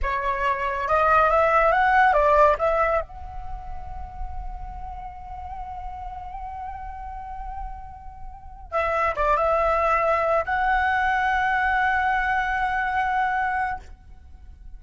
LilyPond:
\new Staff \with { instrumentName = "flute" } { \time 4/4 \tempo 4 = 139 cis''2 dis''4 e''4 | fis''4 d''4 e''4 fis''4~ | fis''1~ | fis''1~ |
fis''1~ | fis''16 e''4 d''8 e''2~ e''16~ | e''16 fis''2.~ fis''8.~ | fis''1 | }